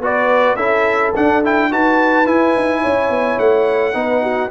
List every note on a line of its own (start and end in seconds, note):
0.00 0.56 B3
0.00 0.58 F#4
0.00 0.57 B4
0.00 0.56 D5
0.56 1.12 C#4
0.56 1.14 E4
0.56 1.69 A4
0.56 1.12 E5
1.16 1.44 D4
1.16 1.72 D4
1.16 1.44 F#5
1.44 1.71 E4
1.44 1.73 G5
1.71 2.28 D#4
1.71 2.26 F#4
1.71 2.81 B4
1.71 2.27 A5
2.26 3.94 E4
2.26 2.56 E4
2.26 3.39 G#5
2.57 2.85 D#4
2.81 3.10 C#4
2.81 3.94 C#5
3.10 3.38 B3
3.39 3.95 A3
3.39 4.51 F#5
3.94 4.51 B3
3.94 4.50 D#4
3.94 4.23 B4
4.23 4.51 F#4